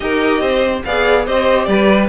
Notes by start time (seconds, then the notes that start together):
0.00 D#4 G4 A#4 D#5
0.40 C4 C5
0.84 B3 G#4 D5 F5
1.25 C4 G4 C5 D#5
1.64 G3 B4 D5